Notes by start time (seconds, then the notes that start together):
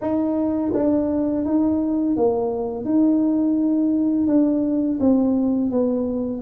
0.01 D#4
0.73 D4
1.45 D#4
2.16 A#3
2.84 D#4
4.27 D4
5.00 C4
5.70 B3